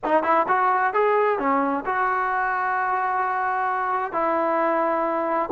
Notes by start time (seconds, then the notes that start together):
0.04 D#4
0.23 E4
0.47 F#4
0.93 G#4
1.38 C#4
1.85 F#4
4.12 E4